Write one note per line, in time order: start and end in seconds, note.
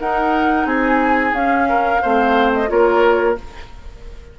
0.00 0.66 D#4
0.00 1.34 D#4
0.00 0.67 A#4
0.00 0.67 F#5
0.66 1.33 C4
0.66 1.68 G#4
0.66 1.35 G#5
1.33 2.01 C#4
1.33 2.53 F5
1.69 2.02 A#4
2.02 2.70 A3
2.02 2.68 C4
2.02 2.70 C5
2.54 2.70 D#5
2.68 3.38 A#3
2.68 3.35 F4
2.68 3.39 A#4
2.68 3.38 C#5